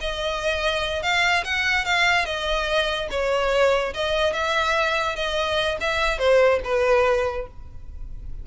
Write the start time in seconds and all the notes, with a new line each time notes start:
0.00 D#5
1.02 F5
1.44 F#5
1.85 F5
2.25 D#5
3.10 C#5
3.93 D#5
4.33 E5
5.15 D#5
5.80 E5
6.18 C5
6.64 B4